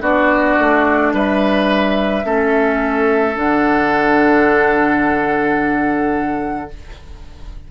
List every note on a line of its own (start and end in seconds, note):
0.00 0.56 B3
0.00 2.22 D4
0.00 1.12 F#4
0.00 1.13 D5
0.58 1.12 A3
1.12 2.24 G3
1.12 2.25 B4
1.12 3.37 E5
2.24 3.35 A3
2.24 3.34 C#4
2.24 6.70 A4
3.34 6.69 D3
3.34 6.68 D4
3.34 6.71 F#5